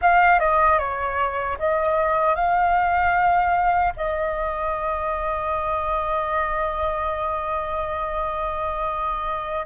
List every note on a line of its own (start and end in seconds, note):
0.01 0.39 F5
0.39 0.78 D#5
0.78 1.57 C#5
1.58 2.35 D#5
2.35 3.93 F5
3.96 9.65 D#5